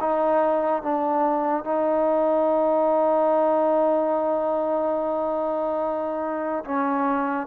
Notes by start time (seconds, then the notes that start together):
0.00 D#4
0.82 D4
1.64 D#4
6.64 C#4